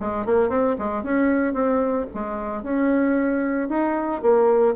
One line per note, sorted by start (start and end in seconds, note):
0.00 0.26 G#3
0.26 0.49 A#3
0.49 0.76 C4
0.78 1.03 G#3
1.03 1.53 C#4
1.53 2.07 C4
2.14 2.63 G#3
2.63 3.69 C#4
3.69 4.22 D#4
4.22 4.75 A#3